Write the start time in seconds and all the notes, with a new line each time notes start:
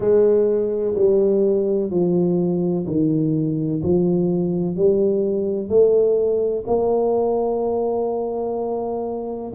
0.00 G#3
0.95 G3
1.90 F3
2.86 D#3
3.82 F3
4.76 G3
5.68 A3
6.66 A#3